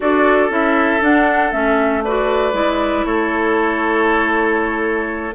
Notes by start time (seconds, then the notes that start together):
0.00 D4 F#4 A4 D5
0.49 C#4 E4 E5
1.01 D4 F#5
1.52 A3 C#4 E5
2.03 F#4 B4 D5
2.52 G#3 E4
3.05 A3 A4 C#5